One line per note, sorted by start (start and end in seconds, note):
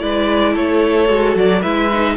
0.00 0.56 G#3
0.00 1.08 E4
0.00 0.53 B4
0.00 0.55 D5
0.53 1.09 A3
0.53 1.61 A4
0.53 1.37 C#5
1.08 1.36 G#3
1.08 1.62 F#4
1.36 1.63 F#3
1.36 1.62 D5
1.61 2.17 G#3
1.61 1.91 E4
1.61 2.15 B4
1.61 2.16 E5
1.93 2.17 D#4